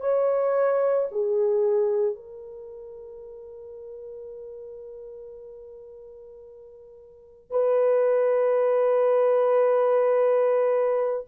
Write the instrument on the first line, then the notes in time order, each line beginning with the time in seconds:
horn
0.00 C#5
1.11 G#4
2.15 A#4
7.50 B4